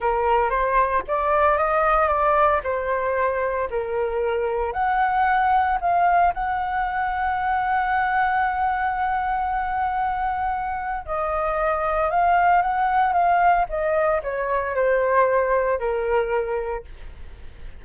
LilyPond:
\new Staff \with { instrumentName = "flute" } { \time 4/4 \tempo 4 = 114 ais'4 c''4 d''4 dis''4 | d''4 c''2 ais'4~ | ais'4 fis''2 f''4 | fis''1~ |
fis''1~ | fis''4 dis''2 f''4 | fis''4 f''4 dis''4 cis''4 | c''2 ais'2 | }